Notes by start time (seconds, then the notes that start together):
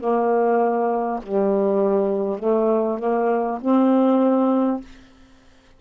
0.00 A#3
1.23 G3
2.39 A3
2.99 A#3
3.61 C4